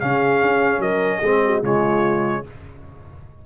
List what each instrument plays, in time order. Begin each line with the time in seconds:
0.00 tuba C#3, trombone C#4, horn G#4, trumpet F5
0.42 tuba C#4
0.78 tuba F#3, horn A#4, trumpet D#5
1.18 tuba G#3, trombone C4, horn G#4
1.44 horn F#4
1.62 tuba C#3, trombone G#3, horn F4, trumpet C#5